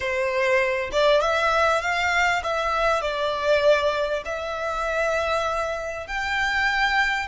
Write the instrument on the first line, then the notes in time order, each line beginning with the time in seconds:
violin
0.00 C5
0.91 D5
1.21 E5
1.81 F5
2.43 E5
3.01 D5
4.25 E5
6.07 G5